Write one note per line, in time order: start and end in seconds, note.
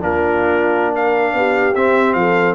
0.00 1.33 A#3
0.00 1.73 D4
0.00 0.93 F4
0.00 0.94 A#4
0.94 1.35 A#4
0.94 1.74 F5
1.33 1.74 B3
1.33 2.18 G4
1.74 2.14 C4
1.74 2.55 C4
1.74 2.13 E5
2.13 2.55 F3
2.13 2.55 A4
2.13 2.54 F5